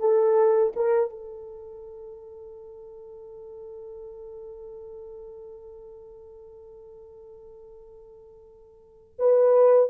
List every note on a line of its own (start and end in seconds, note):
0.00 0.73 A4
0.75 1.10 A#4
1.10 9.15 A4
9.19 9.90 B4